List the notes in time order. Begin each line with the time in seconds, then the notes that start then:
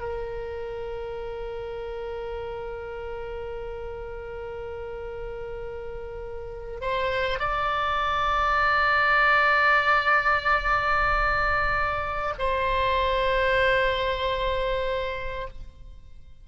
0.00 A#4
6.81 C5
7.39 D5
12.39 C5